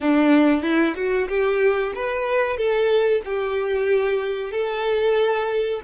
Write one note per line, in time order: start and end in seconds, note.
0.00 0.62 D4
0.62 0.94 E4
0.95 1.28 F#4
1.28 1.92 G4
1.95 2.57 B4
2.57 3.21 A4
3.24 4.51 G4
4.51 5.80 A4